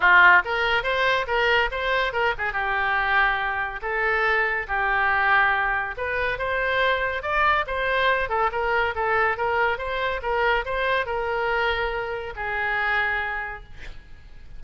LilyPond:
\new Staff \with { instrumentName = "oboe" } { \time 4/4 \tempo 4 = 141 f'4 ais'4 c''4 ais'4 | c''4 ais'8 gis'8 g'2~ | g'4 a'2 g'4~ | g'2 b'4 c''4~ |
c''4 d''4 c''4. a'8 | ais'4 a'4 ais'4 c''4 | ais'4 c''4 ais'2~ | ais'4 gis'2. | }